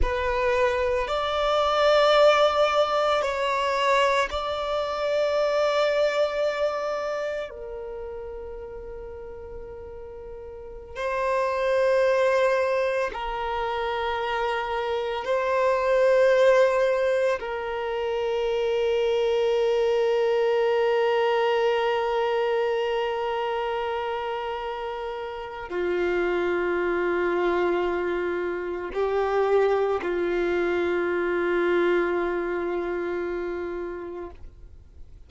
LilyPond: \new Staff \with { instrumentName = "violin" } { \time 4/4 \tempo 4 = 56 b'4 d''2 cis''4 | d''2. ais'4~ | ais'2~ ais'16 c''4.~ c''16~ | c''16 ais'2 c''4.~ c''16~ |
c''16 ais'2.~ ais'8.~ | ais'1 | f'2. g'4 | f'1 | }